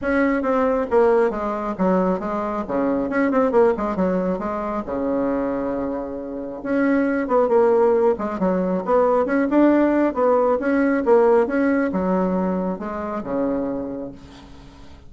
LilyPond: \new Staff \with { instrumentName = "bassoon" } { \time 4/4 \tempo 4 = 136 cis'4 c'4 ais4 gis4 | fis4 gis4 cis4 cis'8 c'8 | ais8 gis8 fis4 gis4 cis4~ | cis2. cis'4~ |
cis'8 b8 ais4. gis8 fis4 | b4 cis'8 d'4. b4 | cis'4 ais4 cis'4 fis4~ | fis4 gis4 cis2 | }